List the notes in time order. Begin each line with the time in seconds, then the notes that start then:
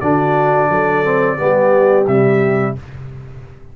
0.00 D3 D4 F#4 D5
0.69 F#3 A4
1.04 C4
1.36 G3 B3 G4
2.07 C3 G3 E5